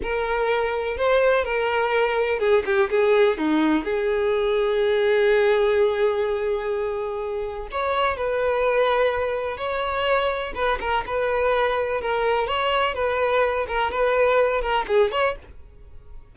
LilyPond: \new Staff \with { instrumentName = "violin" } { \time 4/4 \tempo 4 = 125 ais'2 c''4 ais'4~ | ais'4 gis'8 g'8 gis'4 dis'4 | gis'1~ | gis'1 |
cis''4 b'2. | cis''2 b'8 ais'8 b'4~ | b'4 ais'4 cis''4 b'4~ | b'8 ais'8 b'4. ais'8 gis'8 cis''8 | }